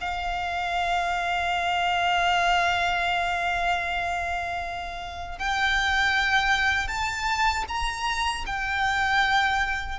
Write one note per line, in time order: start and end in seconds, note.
0.00 5.38 F5
5.38 6.87 G5
6.87 7.64 A5
7.68 8.45 A#5
8.46 9.99 G5